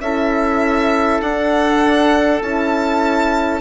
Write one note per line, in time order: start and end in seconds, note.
0.00 1.20 C#4
0.00 1.23 E4
0.00 3.61 A4
0.00 1.21 E5
1.22 2.42 D4
1.22 2.41 D4
1.22 2.42 F#5
2.41 3.61 C#4
2.41 3.61 E4
2.41 3.61 A5